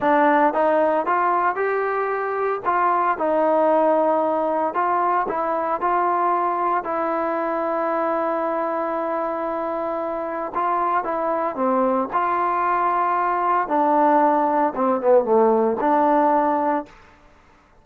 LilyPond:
\new Staff \with { instrumentName = "trombone" } { \time 4/4 \tempo 4 = 114 d'4 dis'4 f'4 g'4~ | g'4 f'4 dis'2~ | dis'4 f'4 e'4 f'4~ | f'4 e'2.~ |
e'1 | f'4 e'4 c'4 f'4~ | f'2 d'2 | c'8 b8 a4 d'2 | }